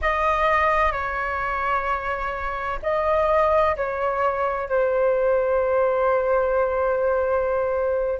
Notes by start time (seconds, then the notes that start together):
0.01 D#5
0.92 C#5
2.82 D#5
3.76 C#5
4.69 C5